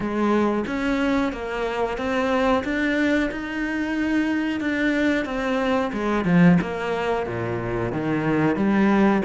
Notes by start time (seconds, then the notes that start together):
0.00 G#3
0.66 C#4
1.32 A#3
1.97 C4
2.64 D4
3.31 D#4
4.60 D4
5.25 C4
5.93 G#3
6.25 F3
6.61 A#3
7.26 A#2
7.92 D#3
8.55 G3